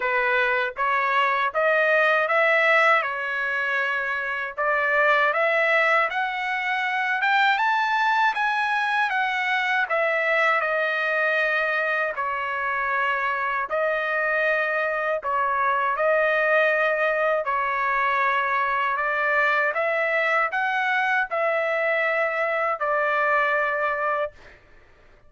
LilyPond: \new Staff \with { instrumentName = "trumpet" } { \time 4/4 \tempo 4 = 79 b'4 cis''4 dis''4 e''4 | cis''2 d''4 e''4 | fis''4. g''8 a''4 gis''4 | fis''4 e''4 dis''2 |
cis''2 dis''2 | cis''4 dis''2 cis''4~ | cis''4 d''4 e''4 fis''4 | e''2 d''2 | }